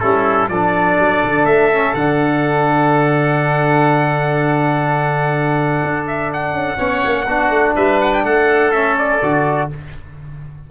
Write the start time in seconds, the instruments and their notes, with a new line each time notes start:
0.00 tuba G3, trombone C#4, oboe E4, trumpet A4
0.49 tuba F3, trombone D4, oboe A4, trumpet D5
0.99 tuba F#3
1.24 tuba D3
1.45 tuba A3, trumpet E5
1.73 trombone C#4
1.94 tuba D3, trombone D4, trumpet F#5
5.84 tuba D4
6.07 trumpet E5
6.34 trumpet F#5
6.53 tuba C#4
6.78 tuba B3, trombone C#4, oboe C#5
7.05 tuba A#3
7.26 tuba B3, trombone D4, oboe F#4
7.50 tuba A3
7.76 tuba G3, oboe B4, trumpet E5
8.01 trumpet F#5
8.14 trumpet G5
8.24 tuba A3, oboe A4, trumpet F#5
8.72 trombone C#4, trumpet E5
8.98 trumpet D5
9.22 tuba D3, trombone F#4